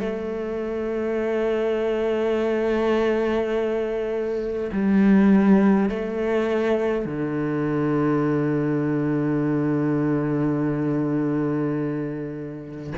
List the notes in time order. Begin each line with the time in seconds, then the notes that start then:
0.00 A3
4.72 G3
5.89 A3
7.05 D3